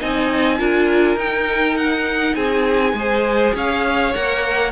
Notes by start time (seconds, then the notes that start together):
0.00 C4 D#4 D#5 G#5
0.58 D4 F4 A#4
1.15 D#4 G5
1.77 F#5
2.35 C4 G#4 G#5
2.94 G#3 G#4 C5
3.55 C#4 C#5 F5
4.14 A#3 A#4 F#5